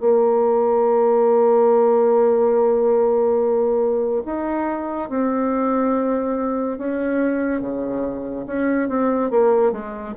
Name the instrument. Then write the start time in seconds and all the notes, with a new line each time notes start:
bassoon
0.00 A#3
4.25 D#4
5.09 C4
6.78 C#4
7.61 C#3
8.47 C#4
8.89 C4
9.30 A#3
9.72 G#3